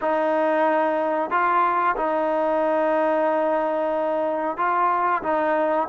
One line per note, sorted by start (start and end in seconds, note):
0.01 1.30 D#4
1.30 1.95 F4
1.96 4.57 D#4
4.57 5.22 F4
5.23 5.88 D#4